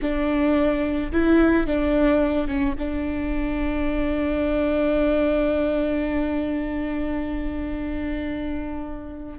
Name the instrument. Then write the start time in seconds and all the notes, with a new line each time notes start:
viola
0.01 D4
1.12 E4
1.66 D4
2.47 C#4
2.78 D4